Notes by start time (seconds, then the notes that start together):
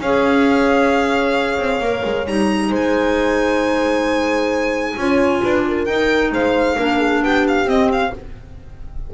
0.00 C#4 G#4 C#5 F5
1.59 C4
1.80 A#3 A#4
2.05 G#3
2.28 G3 D#4 A#5
2.69 G#3 C5
2.76 G#5
4.97 C#4 F4 C#5
5.42 D4 B4
5.68 A#4
5.86 D#4 G5
6.32 G#3 C5 F5
6.77 A#3 D4 A#4
6.98 G#4
7.23 B3 G4 G5
7.48 F5
7.66 C4 D#5
7.92 F5